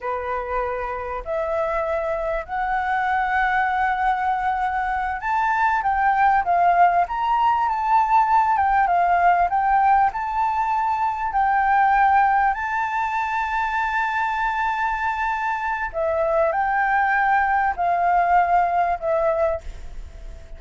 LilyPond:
\new Staff \with { instrumentName = "flute" } { \time 4/4 \tempo 4 = 98 b'2 e''2 | fis''1~ | fis''8 a''4 g''4 f''4 ais''8~ | ais''8 a''4. g''8 f''4 g''8~ |
g''8 a''2 g''4.~ | g''8 a''2.~ a''8~ | a''2 e''4 g''4~ | g''4 f''2 e''4 | }